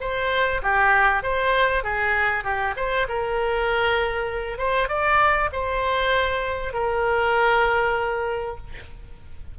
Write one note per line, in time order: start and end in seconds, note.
0.00 0.61 C5
0.62 1.22 G4
1.22 1.83 C5
1.83 2.43 G#4
2.43 2.74 G4
2.76 3.07 C5
3.08 4.58 A#4
4.58 4.88 C5
4.88 5.49 D5
5.52 6.73 C5
6.73 8.57 A#4